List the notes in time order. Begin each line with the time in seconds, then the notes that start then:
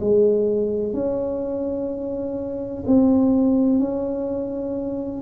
0.00 G#3
0.94 C#4
2.87 C4
3.80 C#4